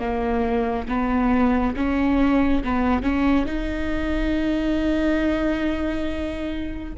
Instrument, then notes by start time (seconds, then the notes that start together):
viola
0.00 A#3
0.88 B3
1.76 C#4
2.64 B3
3.03 C#4
3.46 D#4